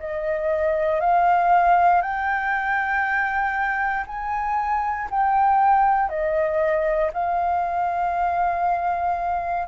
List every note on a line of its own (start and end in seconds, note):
0.00 1.01 D#5
1.01 2.02 F5
2.02 4.05 G5
4.07 5.08 G#5
5.11 6.09 G5
6.09 7.11 D#5
7.13 9.67 F5